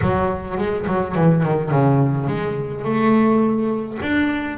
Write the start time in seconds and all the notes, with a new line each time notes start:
0.01 F#3
0.57 G#3
0.86 F#3
1.15 E3
1.43 D#3
1.70 C#3
2.27 G#3
2.84 A3
4.02 D4